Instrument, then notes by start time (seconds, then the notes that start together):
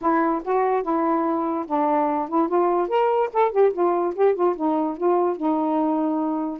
saxophone
0.01 E4
0.44 F#4
0.83 E4
1.66 D4
2.29 E4
2.48 F4
2.88 A#4
3.33 A4
3.51 G4
3.72 F4
4.15 G4
4.34 F4
4.56 D#4
4.97 F4
5.37 D#4